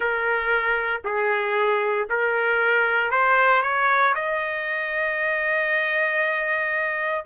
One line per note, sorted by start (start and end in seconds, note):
0.00 1.01 A#4
1.04 2.07 G#4
2.09 3.10 A#4
3.10 3.62 C5
3.62 4.14 C#5
4.14 7.25 D#5